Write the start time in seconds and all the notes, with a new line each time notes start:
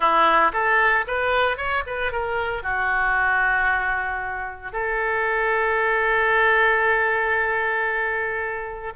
0.00 E4
0.52 A4
1.07 B4
1.57 C#5
1.86 B4
2.11 A#4
2.62 F#4
4.72 A4